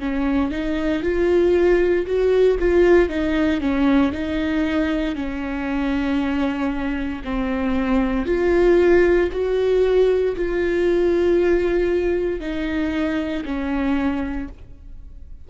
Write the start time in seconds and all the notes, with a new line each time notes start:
0.00 C#4
0.52 D#4
1.03 F4
2.07 F#4
2.60 F4
3.10 D#4
3.61 C#4
4.13 D#4
5.16 C#4
7.25 C4
8.26 F4
9.32 F#4
10.36 F4
12.41 D#4
13.45 C#4